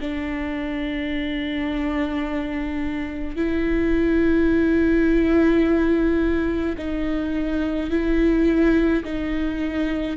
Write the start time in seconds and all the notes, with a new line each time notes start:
0.00 D4
3.36 E4
6.77 D#4
7.90 E4
9.04 D#4